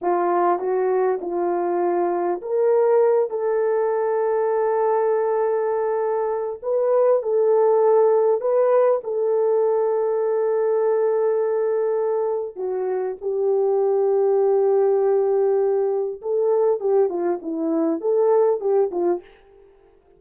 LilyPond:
\new Staff \with { instrumentName = "horn" } { \time 4/4 \tempo 4 = 100 f'4 fis'4 f'2 | ais'4. a'2~ a'8~ | a'2. b'4 | a'2 b'4 a'4~ |
a'1~ | a'4 fis'4 g'2~ | g'2. a'4 | g'8 f'8 e'4 a'4 g'8 f'8 | }